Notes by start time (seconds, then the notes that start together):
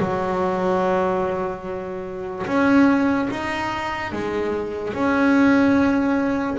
0.00 F#3
2.47 C#4
3.31 D#4
4.12 G#3
4.94 C#4